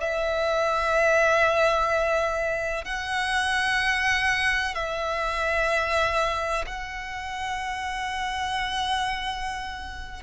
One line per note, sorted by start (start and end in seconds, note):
0.00 2.84 E5
2.84 4.74 F#5
4.74 6.65 E5
6.67 10.23 F#5